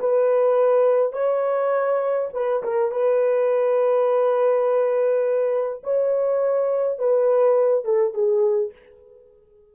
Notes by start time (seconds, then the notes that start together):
0.00 B4
1.13 C#5
2.34 B4
2.63 A#4
2.92 B4
5.84 C#5
6.99 B4
7.85 A4
8.14 G#4